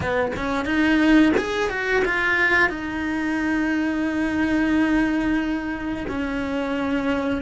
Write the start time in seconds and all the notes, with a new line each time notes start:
0.00 B3
0.36 C#4
0.65 D#4
1.37 G#4
1.69 F#4
2.04 F4
2.69 D#4
6.08 C#4